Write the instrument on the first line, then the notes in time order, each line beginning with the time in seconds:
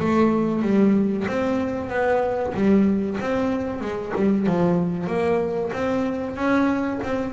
double bass
0.00 A3
0.63 G3
1.28 C4
1.90 B3
2.55 G3
3.21 C4
3.81 G#3
4.16 G3
4.47 F3
5.08 A#3
5.74 C4
6.37 C#4
7.04 C4